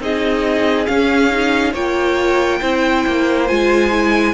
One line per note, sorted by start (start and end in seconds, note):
0.00 0.87 C4
0.00 0.86 D#4
0.00 1.72 G#4
0.00 0.86 D#5
0.86 1.30 C#4
0.86 1.74 C#4
0.86 1.73 F5
1.31 1.75 D#4
1.72 2.61 A#3
1.72 2.62 F4
1.72 2.59 C#5
1.72 3.48 G5
2.60 3.06 C4
2.60 3.49 E4
2.60 4.34 C5
3.07 3.50 A#3
3.48 4.34 G#3
3.48 3.91 F4
3.48 4.34 G#5
3.91 4.34 E4